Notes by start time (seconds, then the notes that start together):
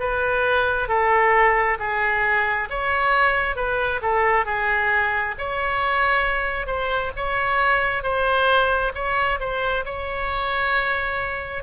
0.00 B4
0.88 A4
1.80 G#4
2.70 C#5
3.56 B4
4.02 A4
4.46 G#4
5.39 C#5
6.67 C5
7.16 C#5
8.03 C5
8.95 C#5
9.40 C5
9.85 C#5